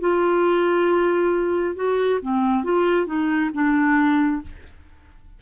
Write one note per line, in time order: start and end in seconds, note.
0.00 1.75 F4
1.75 2.19 F#4
2.22 2.64 C4
2.64 3.06 F4
3.06 3.50 D#4
3.53 4.42 D4